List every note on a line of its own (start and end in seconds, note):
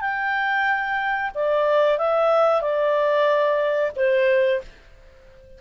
0.00 1.30 G5
1.34 1.98 D5
1.98 2.61 E5
2.61 3.91 D5
3.95 4.61 C5